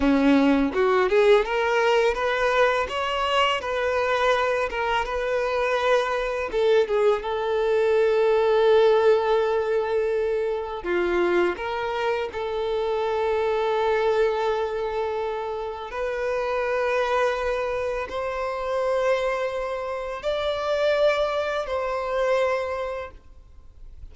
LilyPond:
\new Staff \with { instrumentName = "violin" } { \time 4/4 \tempo 4 = 83 cis'4 fis'8 gis'8 ais'4 b'4 | cis''4 b'4. ais'8 b'4~ | b'4 a'8 gis'8 a'2~ | a'2. f'4 |
ais'4 a'2.~ | a'2 b'2~ | b'4 c''2. | d''2 c''2 | }